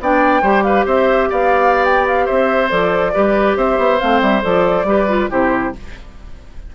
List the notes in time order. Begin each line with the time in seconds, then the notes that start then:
0.00 B3 D4 D5 G5
0.41 G3 G4 C5
0.63 B4 F5
0.85 C4 C5 E5
1.29 B3 D5 F5
1.84 G5
2.07 F5
2.25 C4 C5 E5
2.69 F3 A4 D5
3.13 G3 G4 B4
3.56 C4 C5 E5
3.77 B3
3.99 A3 C4 F5
4.21 G3 E5
4.41 F3 A4 D5
4.83 G3 G4 B4
5.08 F4
5.29 C3 E4 G4 C5